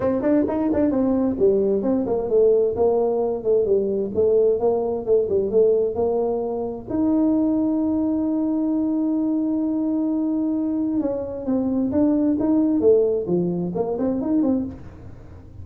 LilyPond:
\new Staff \with { instrumentName = "tuba" } { \time 4/4 \tempo 4 = 131 c'8 d'8 dis'8 d'8 c'4 g4 | c'8 ais8 a4 ais4. a8 | g4 a4 ais4 a8 g8 | a4 ais2 dis'4~ |
dis'1~ | dis'1 | cis'4 c'4 d'4 dis'4 | a4 f4 ais8 c'8 dis'8 c'8 | }